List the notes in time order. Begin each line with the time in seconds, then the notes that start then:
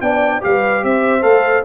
0.00 B3 D4 D5 G5
0.41 G3 G4 B4 F5
0.83 C4 C5 E5
1.21 A3 A4 F5